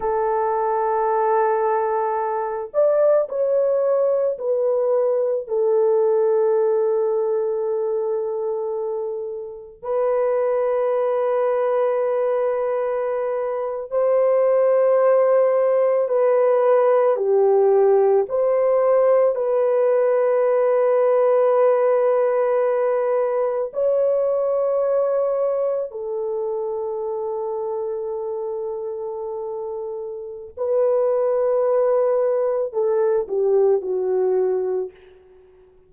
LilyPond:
\new Staff \with { instrumentName = "horn" } { \time 4/4 \tempo 4 = 55 a'2~ a'8 d''8 cis''4 | b'4 a'2.~ | a'4 b'2.~ | b'8. c''2 b'4 g'16~ |
g'8. c''4 b'2~ b'16~ | b'4.~ b'16 cis''2 a'16~ | a'1 | b'2 a'8 g'8 fis'4 | }